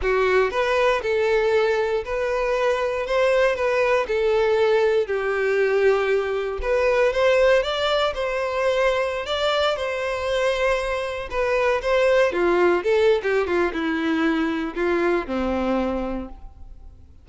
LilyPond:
\new Staff \with { instrumentName = "violin" } { \time 4/4 \tempo 4 = 118 fis'4 b'4 a'2 | b'2 c''4 b'4 | a'2 g'2~ | g'4 b'4 c''4 d''4 |
c''2~ c''16 d''4 c''8.~ | c''2~ c''16 b'4 c''8.~ | c''16 f'4 a'8. g'8 f'8 e'4~ | e'4 f'4 c'2 | }